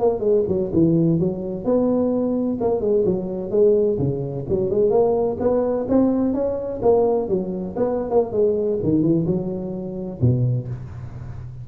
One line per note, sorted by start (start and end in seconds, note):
0.00 0.20 A#3
0.20 0.43 G#3
0.48 0.71 F#3
0.73 1.20 E3
1.20 1.64 F#3
1.64 2.58 B3
2.61 2.81 A#3
2.81 3.04 G#3
3.05 3.51 F#3
3.51 3.98 G#3
3.99 4.46 C#3
4.49 4.70 F#3
4.70 4.90 G#3
4.90 5.37 A#3
5.40 5.87 B3
5.89 6.34 C4
6.34 6.81 C#4
6.82 7.29 A#3
7.29 7.76 F#3
7.76 8.10 B3
8.10 8.32 A#3
8.32 8.79 G#3
8.83 9.02 D#3
9.02 9.26 E3
9.27 10.20 F#3
10.21 10.68 B2